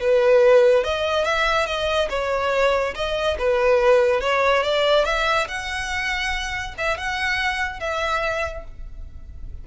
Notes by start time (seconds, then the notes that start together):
0.00 B4
0.84 D#5
1.25 E5
1.66 D#5
2.09 C#5
2.95 D#5
3.39 B4
4.21 C#5
4.63 D5
5.05 E5
5.48 F#5
6.78 E5
6.98 F#5
7.80 E5